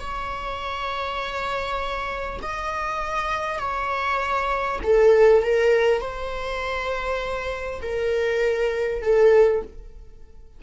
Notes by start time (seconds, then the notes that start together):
0.00 C#5
2.43 D#5
3.59 C#5
4.84 A4
5.43 A#4
6.01 C5
7.82 A#4
9.02 A4